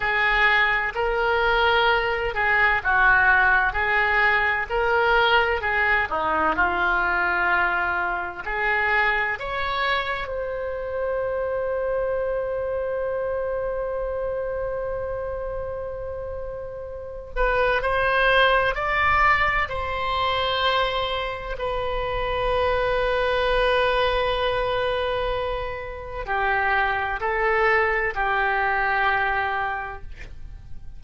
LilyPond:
\new Staff \with { instrumentName = "oboe" } { \time 4/4 \tempo 4 = 64 gis'4 ais'4. gis'8 fis'4 | gis'4 ais'4 gis'8 dis'8 f'4~ | f'4 gis'4 cis''4 c''4~ | c''1~ |
c''2~ c''8 b'8 c''4 | d''4 c''2 b'4~ | b'1 | g'4 a'4 g'2 | }